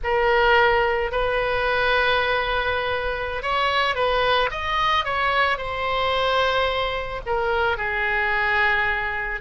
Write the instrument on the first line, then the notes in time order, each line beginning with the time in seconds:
oboe
0.03 A#4
1.11 B4
3.42 C#5
3.95 B4
4.50 D#5
5.05 C#5
5.57 C5
7.26 A#4
7.77 G#4